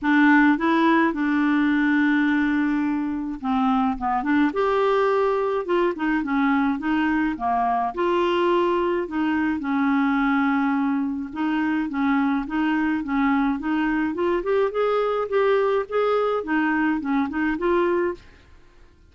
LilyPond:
\new Staff \with { instrumentName = "clarinet" } { \time 4/4 \tempo 4 = 106 d'4 e'4 d'2~ | d'2 c'4 b8 d'8 | g'2 f'8 dis'8 cis'4 | dis'4 ais4 f'2 |
dis'4 cis'2. | dis'4 cis'4 dis'4 cis'4 | dis'4 f'8 g'8 gis'4 g'4 | gis'4 dis'4 cis'8 dis'8 f'4 | }